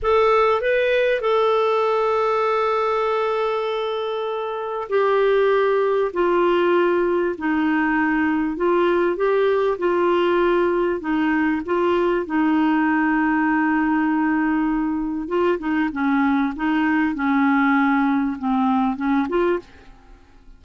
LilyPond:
\new Staff \with { instrumentName = "clarinet" } { \time 4/4 \tempo 4 = 98 a'4 b'4 a'2~ | a'1 | g'2 f'2 | dis'2 f'4 g'4 |
f'2 dis'4 f'4 | dis'1~ | dis'4 f'8 dis'8 cis'4 dis'4 | cis'2 c'4 cis'8 f'8 | }